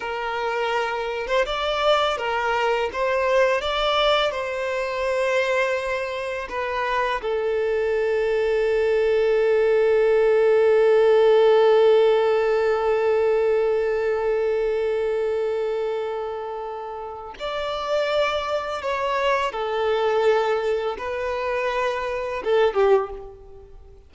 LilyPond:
\new Staff \with { instrumentName = "violin" } { \time 4/4 \tempo 4 = 83 ais'4.~ ais'16 c''16 d''4 ais'4 | c''4 d''4 c''2~ | c''4 b'4 a'2~ | a'1~ |
a'1~ | a'1 | d''2 cis''4 a'4~ | a'4 b'2 a'8 g'8 | }